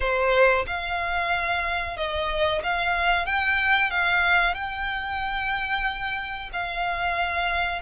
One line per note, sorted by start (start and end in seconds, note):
0.00 0.65 C5
0.66 1.96 F5
1.96 2.61 D#5
2.63 3.25 F5
3.25 3.90 G5
3.90 4.54 F5
4.54 6.50 G5
6.52 7.82 F5